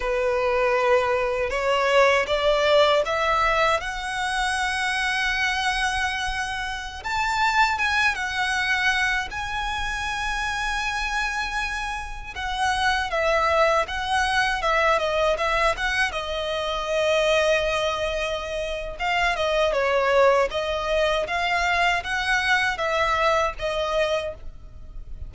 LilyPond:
\new Staff \with { instrumentName = "violin" } { \time 4/4 \tempo 4 = 79 b'2 cis''4 d''4 | e''4 fis''2.~ | fis''4~ fis''16 a''4 gis''8 fis''4~ fis''16~ | fis''16 gis''2.~ gis''8.~ |
gis''16 fis''4 e''4 fis''4 e''8 dis''16~ | dis''16 e''8 fis''8 dis''2~ dis''8.~ | dis''4 f''8 dis''8 cis''4 dis''4 | f''4 fis''4 e''4 dis''4 | }